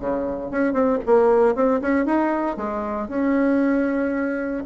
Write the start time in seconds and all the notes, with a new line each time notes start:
0.00 C#3
0.51 C#4
0.73 C4
1.06 A#3
1.55 C4
1.82 C#4
2.06 D#4
2.57 G#3
3.09 C#4